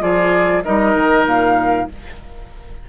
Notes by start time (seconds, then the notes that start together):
0.00 F3 F4 G#4 D5
0.63 G3 D#4 A#4 D#5
0.94 D#3
1.25 A#2 F5